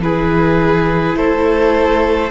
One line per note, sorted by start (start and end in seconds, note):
0.00 1.15 E3
0.00 2.31 E4
0.00 1.18 G#4
0.00 1.17 B4
1.16 2.31 A3
1.16 2.31 A4
1.16 2.31 C5